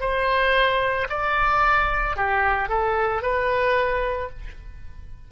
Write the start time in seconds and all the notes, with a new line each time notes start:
0.00 C5
1.09 D5
2.16 G4
2.68 A4
3.22 B4